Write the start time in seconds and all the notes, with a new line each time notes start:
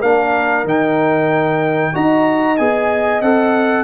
0.00 A#3 D4 A#4 F5
0.64 D#3 D#4 G5
1.93 D#4 F#4 D#5 A#5
2.57 B3 G#4 G#5
3.22 C4 A4 F#5